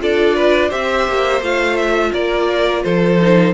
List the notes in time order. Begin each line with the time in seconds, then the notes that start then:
0.00 D4 F4 A4 D5
0.36 B4
0.69 C4 G4 C5 E5
1.08 A#3
1.41 A3 F4 F5
1.77 E5
2.13 A#3 A#4 D5
2.83 F3 A4 C5
3.21 D#4